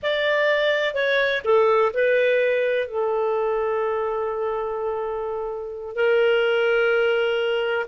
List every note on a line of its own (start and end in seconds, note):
0.02 0.94 D5
0.94 1.42 C#5
1.44 1.92 A4
1.93 2.87 B4
2.87 5.95 A4
5.95 7.86 A#4